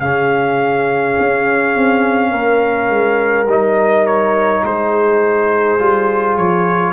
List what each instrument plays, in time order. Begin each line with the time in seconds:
0.00 tuba C#3, trombone C#4, horn G#4, trumpet F5
1.20 tuba C#4
1.75 tuba C4
2.31 tuba A#3, horn A#4
2.89 tuba G#3
3.46 tuba G3, trombone D#4, trumpet D#5
4.07 trumpet C#5
4.64 tuba G#3, horn G#4, trumpet C5
5.79 tuba G3, trombone F4
6.37 tuba F3, trumpet C#5